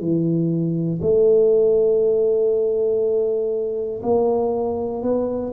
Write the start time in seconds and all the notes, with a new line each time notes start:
0.00 E3
1.02 A3
4.03 A#3
5.03 B3